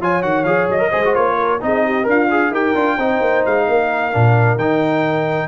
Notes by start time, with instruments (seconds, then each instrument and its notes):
0.00 tuba F3, trombone F4, horn C#5, trumpet G#5
0.22 tuba D#3, trombone F#4, trumpet F#5
0.44 tuba F3, trombone G#4, trumpet F5
0.68 tuba F#3, trumpet D#5
0.78 trombone A#4
0.89 tuba G#3, trombone G#4, horn C5
1.04 trombone F#4
1.14 tuba A#3, trombone F4, trumpet C#5
1.37 horn A#4
1.60 tuba C4, trombone D#4, horn G#4, trumpet D#5
1.85 horn G4
2.03 tuba D4, trombone A#4
2.09 horn F4, trumpet F5
2.30 trombone G#4
2.50 tuba D#4, trombone G4, horn A#4, trumpet G5
2.74 tuba D4, trombone F4
2.96 tuba C4, trombone D#4, horn C5
3.20 tuba A#3
3.45 tuba G#3, trumpet F5
3.68 tuba A#3, horn A#4
4.12 tuba A#2, trombone D4
4.56 tuba D#3, trombone D#4, trumpet G5